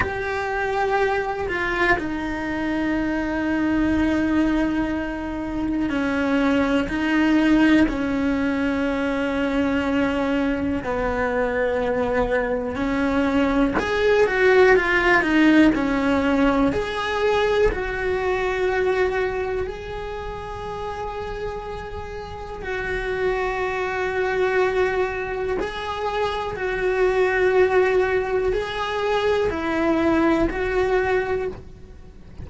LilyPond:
\new Staff \with { instrumentName = "cello" } { \time 4/4 \tempo 4 = 61 g'4. f'8 dis'2~ | dis'2 cis'4 dis'4 | cis'2. b4~ | b4 cis'4 gis'8 fis'8 f'8 dis'8 |
cis'4 gis'4 fis'2 | gis'2. fis'4~ | fis'2 gis'4 fis'4~ | fis'4 gis'4 e'4 fis'4 | }